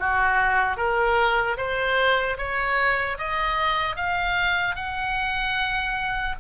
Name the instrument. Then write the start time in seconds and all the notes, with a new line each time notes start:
oboe
0.00 F#4
0.77 A#4
1.58 C5
2.38 C#5
3.19 D#5
3.96 F5
4.76 F#5